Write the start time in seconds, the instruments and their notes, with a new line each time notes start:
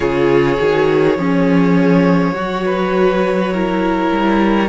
0.00 cello C#3, viola F4, violin G#4 C#5
0.58 cello D#3, viola F#4
1.17 cello F3, violin C#4, viola G#4
2.33 cello F#3, viola F#4, violin F#4
2.65 violin B4
3.53 viola E4, violin A#4
4.11 cello G3